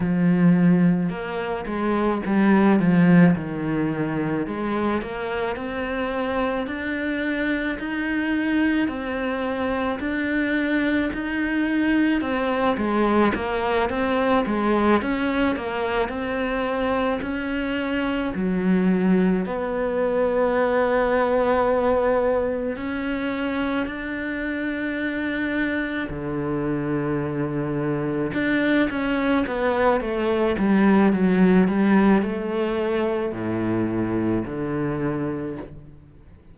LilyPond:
\new Staff \with { instrumentName = "cello" } { \time 4/4 \tempo 4 = 54 f4 ais8 gis8 g8 f8 dis4 | gis8 ais8 c'4 d'4 dis'4 | c'4 d'4 dis'4 c'8 gis8 | ais8 c'8 gis8 cis'8 ais8 c'4 cis'8~ |
cis'8 fis4 b2~ b8~ | b8 cis'4 d'2 d8~ | d4. d'8 cis'8 b8 a8 g8 | fis8 g8 a4 a,4 d4 | }